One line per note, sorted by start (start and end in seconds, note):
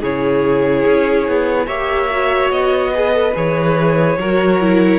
0.00 0.85 C#3
0.00 1.68 E4
0.00 1.66 G#4
0.00 1.67 C#5
0.86 1.28 C#4
1.28 1.68 B3
1.66 2.50 A#3
1.66 2.09 G4
1.66 2.91 C#5
1.66 2.51 E5
2.11 2.94 F#4
2.50 3.34 B3
2.50 3.34 D#5
2.93 3.13 G#4
2.93 4.18 B4
3.13 3.34 A4
3.34 4.18 E3
3.34 4.18 G#4
3.34 4.99 C#5
4.18 4.99 F#3
4.18 4.61 F#4
4.18 4.99 A#4
4.61 4.99 E4